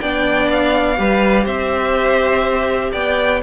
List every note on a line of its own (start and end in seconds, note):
0.00 0.98 B3
0.00 0.96 D4
0.00 0.98 D5
0.00 0.49 G5
0.51 1.46 F5
0.96 1.46 G3
0.96 3.40 G4
0.96 1.44 B4
1.44 2.92 C4
1.44 2.91 C5
1.44 2.92 E5
2.92 3.42 B3
2.92 3.40 D5
2.92 3.41 G5